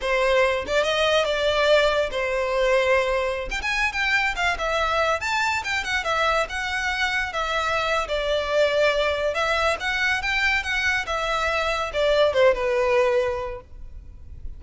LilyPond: \new Staff \with { instrumentName = "violin" } { \time 4/4 \tempo 4 = 141 c''4. d''8 dis''4 d''4~ | d''4 c''2.~ | c''16 g''16 gis''8. g''4 f''8 e''4~ e''16~ | e''16 a''4 g''8 fis''8 e''4 fis''8.~ |
fis''4~ fis''16 e''4.~ e''16 d''4~ | d''2 e''4 fis''4 | g''4 fis''4 e''2 | d''4 c''8 b'2~ b'8 | }